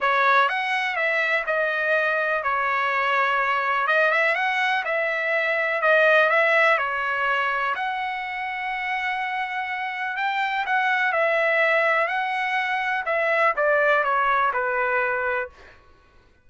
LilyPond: \new Staff \with { instrumentName = "trumpet" } { \time 4/4 \tempo 4 = 124 cis''4 fis''4 e''4 dis''4~ | dis''4 cis''2. | dis''8 e''8 fis''4 e''2 | dis''4 e''4 cis''2 |
fis''1~ | fis''4 g''4 fis''4 e''4~ | e''4 fis''2 e''4 | d''4 cis''4 b'2 | }